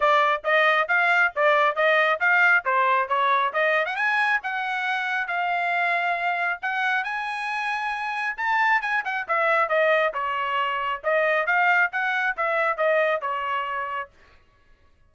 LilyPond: \new Staff \with { instrumentName = "trumpet" } { \time 4/4 \tempo 4 = 136 d''4 dis''4 f''4 d''4 | dis''4 f''4 c''4 cis''4 | dis''8. fis''16 gis''4 fis''2 | f''2. fis''4 |
gis''2. a''4 | gis''8 fis''8 e''4 dis''4 cis''4~ | cis''4 dis''4 f''4 fis''4 | e''4 dis''4 cis''2 | }